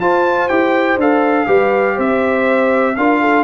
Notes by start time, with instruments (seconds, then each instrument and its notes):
0.00 tuba F4, trombone F4, horn C5, trumpet A5
0.49 tuba E4, trombone G4, trumpet G5
0.97 tuba D4, trombone A4, trumpet F5
1.47 tuba G3, trombone G4, horn B4
1.96 tuba C4, horn C5, trumpet E5
2.97 tuba D4, trombone F4, horn A#4, trumpet F5
3.21 horn A4